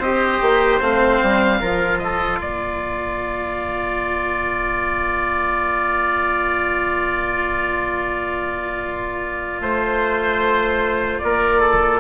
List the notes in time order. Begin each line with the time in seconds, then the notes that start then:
0.00 C4 G4 C5 D#5
0.42 A#3
0.81 A3 C4 F5
1.23 G3
1.61 F3 F4 A#4
1.99 A4 D#5
2.41 A#3 A#4 D5
9.61 A3 C5
11.19 A#3 A#4 D5
11.61 A4